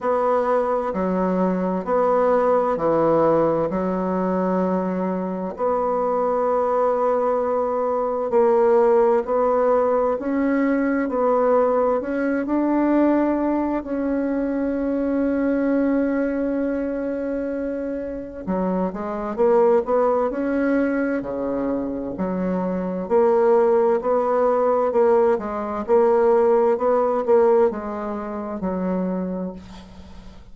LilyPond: \new Staff \with { instrumentName = "bassoon" } { \time 4/4 \tempo 4 = 65 b4 fis4 b4 e4 | fis2 b2~ | b4 ais4 b4 cis'4 | b4 cis'8 d'4. cis'4~ |
cis'1 | fis8 gis8 ais8 b8 cis'4 cis4 | fis4 ais4 b4 ais8 gis8 | ais4 b8 ais8 gis4 fis4 | }